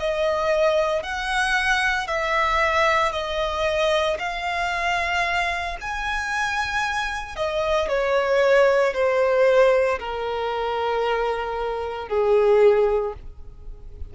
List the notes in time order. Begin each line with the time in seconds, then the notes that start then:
0.00 D#5
1.03 F#5
2.08 E5
3.12 D#5
4.19 F5
5.81 G#5
7.36 D#5
7.89 C#5
8.94 C5
10.00 A#4
12.09 G#4